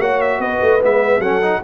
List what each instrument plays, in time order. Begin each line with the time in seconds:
0.00 tuba A#3, trombone F#4, horn C#5, trumpet F#5
0.21 trumpet E5
0.39 tuba B3, horn B4, trumpet D#5
0.62 tuba A3
0.81 tuba G#3, trombone B3, trumpet E5
1.19 tuba F#3, trombone C#4, horn A4, trumpet F#5
1.42 trombone D#4